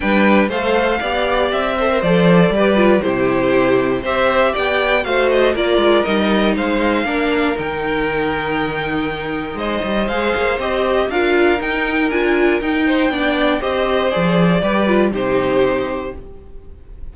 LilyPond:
<<
  \new Staff \with { instrumentName = "violin" } { \time 4/4 \tempo 4 = 119 g''4 f''2 e''4 | d''2 c''2 | e''4 g''4 f''8 dis''8 d''4 | dis''4 f''2 g''4~ |
g''2. dis''4 | f''4 dis''4 f''4 g''4 | gis''4 g''2 dis''4 | d''2 c''2 | }
  \new Staff \with { instrumentName = "violin" } { \time 4/4 b'4 c''4 d''4. c''8~ | c''4 b'4 g'2 | c''4 d''4 c''4 ais'4~ | ais'4 c''4 ais'2~ |
ais'2. c''4~ | c''2 ais'2~ | ais'4. c''8 d''4 c''4~ | c''4 b'4 g'2 | }
  \new Staff \with { instrumentName = "viola" } { \time 4/4 d'4 a'4 g'4. a'16 ais'16 | a'4 g'8 f'8 e'2 | g'2 fis'4 f'4 | dis'2 d'4 dis'4~ |
dis'1 | gis'4 g'4 f'4 dis'4 | f'4 dis'4 d'4 g'4 | gis'4 g'8 f'8 dis'2 | }
  \new Staff \with { instrumentName = "cello" } { \time 4/4 g4 a4 b4 c'4 | f4 g4 c2 | c'4 b4 a4 ais8 gis8 | g4 gis4 ais4 dis4~ |
dis2. gis8 g8 | gis8 ais8 c'4 d'4 dis'4 | d'4 dis'4 b4 c'4 | f4 g4 c2 | }
>>